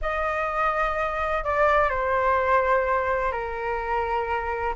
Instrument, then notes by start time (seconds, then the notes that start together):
flute
0.01 D#5
1.44 D5
1.89 C5
3.31 A#4